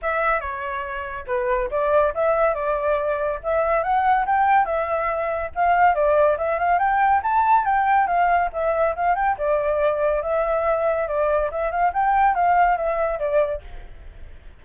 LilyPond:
\new Staff \with { instrumentName = "flute" } { \time 4/4 \tempo 4 = 141 e''4 cis''2 b'4 | d''4 e''4 d''2 | e''4 fis''4 g''4 e''4~ | e''4 f''4 d''4 e''8 f''8 |
g''4 a''4 g''4 f''4 | e''4 f''8 g''8 d''2 | e''2 d''4 e''8 f''8 | g''4 f''4 e''4 d''4 | }